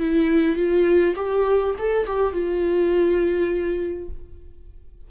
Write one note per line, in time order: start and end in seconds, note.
0.00 0.56 E4
0.56 1.15 F4
1.16 1.75 G4
1.79 2.07 A4
2.07 2.33 G4
2.33 4.09 F4